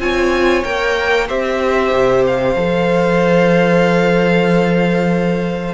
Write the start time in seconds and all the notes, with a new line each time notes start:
0.00 C4 F4 C#5 G#5
0.64 A#3 A#4 G5
1.28 C4 G4 C5 E5
1.93 C3
2.27 F5
2.57 F3 A4